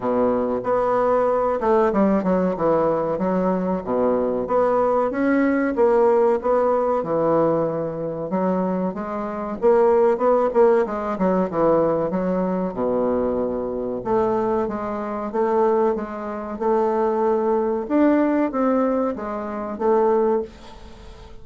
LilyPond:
\new Staff \with { instrumentName = "bassoon" } { \time 4/4 \tempo 4 = 94 b,4 b4. a8 g8 fis8 | e4 fis4 b,4 b4 | cis'4 ais4 b4 e4~ | e4 fis4 gis4 ais4 |
b8 ais8 gis8 fis8 e4 fis4 | b,2 a4 gis4 | a4 gis4 a2 | d'4 c'4 gis4 a4 | }